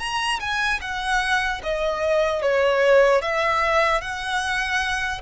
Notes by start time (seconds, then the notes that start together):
0.00 A#5
0.41 G#5
0.81 F#5
1.64 D#5
2.43 C#5
3.22 E5
4.01 F#5